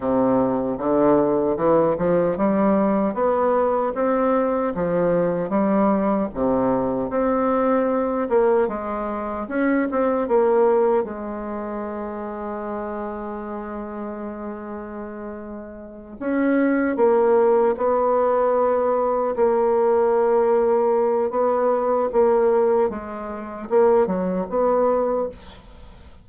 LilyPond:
\new Staff \with { instrumentName = "bassoon" } { \time 4/4 \tempo 4 = 76 c4 d4 e8 f8 g4 | b4 c'4 f4 g4 | c4 c'4. ais8 gis4 | cis'8 c'8 ais4 gis2~ |
gis1~ | gis8 cis'4 ais4 b4.~ | b8 ais2~ ais8 b4 | ais4 gis4 ais8 fis8 b4 | }